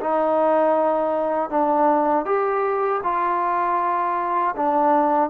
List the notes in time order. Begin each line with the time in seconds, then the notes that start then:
0.00 D#4
1.50 D4
2.25 G4
3.03 F4
4.56 D4